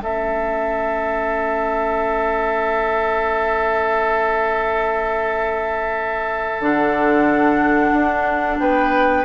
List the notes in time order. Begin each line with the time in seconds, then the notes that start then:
0.00 A3 C#4 A4 E5
6.60 D3 D4 F#5
7.93 D4
8.59 B3 B4 G5